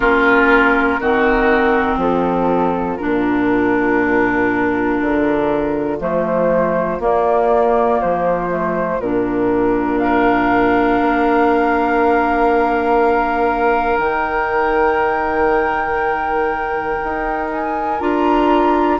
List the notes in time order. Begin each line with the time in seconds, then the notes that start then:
0.00 A#3 C#4 F4 A#4
1.00 D#3 C4 F#4
1.96 F3 F4 A4
2.97 A#2 D4 A#4
5.01 D3
5.99 F3 A3 C5
6.99 A#3 D5
8.01 F3 C5
8.50 A3
8.99 A#2 D4 A#4
9.98 A#4 F5
11.00 A#3
13.98 D#3 D#4 G5
17.03 D#4
17.51 G#5
18.00 D4 F4 A#5